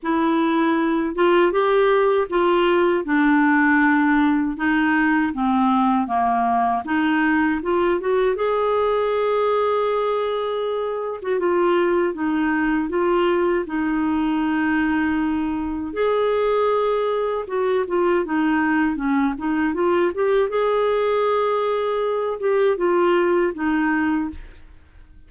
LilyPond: \new Staff \with { instrumentName = "clarinet" } { \time 4/4 \tempo 4 = 79 e'4. f'8 g'4 f'4 | d'2 dis'4 c'4 | ais4 dis'4 f'8 fis'8 gis'4~ | gis'2~ gis'8. fis'16 f'4 |
dis'4 f'4 dis'2~ | dis'4 gis'2 fis'8 f'8 | dis'4 cis'8 dis'8 f'8 g'8 gis'4~ | gis'4. g'8 f'4 dis'4 | }